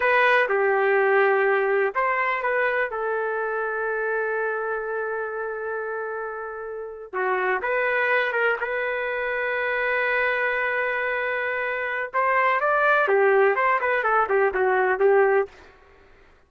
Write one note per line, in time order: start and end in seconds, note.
0.00 0.48 B4
0.48 1.94 G4
1.94 2.43 C5
2.43 2.90 B4
2.90 7.13 A4
7.13 7.61 F#4
7.61 8.32 B4
8.32 8.56 A#4
8.60 12.11 B4
12.13 12.60 C5
12.60 13.08 D5
13.08 13.55 G4
13.55 13.79 C5
13.80 14.03 B4
14.03 14.27 A4
14.29 14.53 G4
14.54 14.99 F#4
14.99 15.48 G4